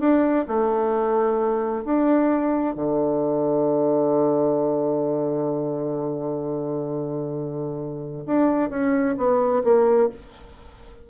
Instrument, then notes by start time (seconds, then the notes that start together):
bassoon
0.00 D4
0.48 A3
1.85 D4
2.75 D3
8.27 D4
8.70 C#4
9.18 B3
9.64 A#3